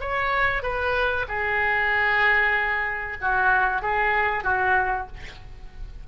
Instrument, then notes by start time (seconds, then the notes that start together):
oboe
0.00 C#5
0.63 B4
1.28 G#4
3.21 F#4
3.82 G#4
4.44 F#4